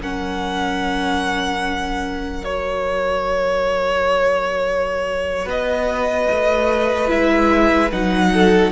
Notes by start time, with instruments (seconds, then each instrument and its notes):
0.00 cello F#3, viola C#4, violin A#4 F#5
2.42 viola F#4, violin C#5
5.45 cello B3, violin B4 D#5
6.31 cello A3
7.08 cello G#3, viola E4, violin E5
7.91 cello F#3, viola D#4, violin F#5
8.33 violin A4